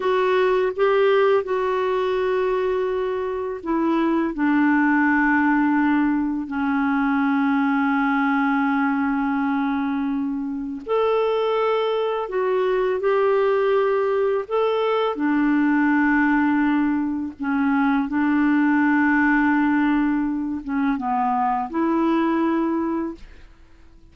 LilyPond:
\new Staff \with { instrumentName = "clarinet" } { \time 4/4 \tempo 4 = 83 fis'4 g'4 fis'2~ | fis'4 e'4 d'2~ | d'4 cis'2.~ | cis'2. a'4~ |
a'4 fis'4 g'2 | a'4 d'2. | cis'4 d'2.~ | d'8 cis'8 b4 e'2 | }